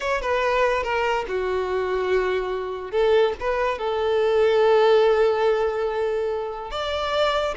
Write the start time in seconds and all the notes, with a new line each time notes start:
0.00 C#5
0.21 B4
0.83 A#4
1.28 F#4
2.91 A4
3.39 B4
3.78 A4
6.70 D5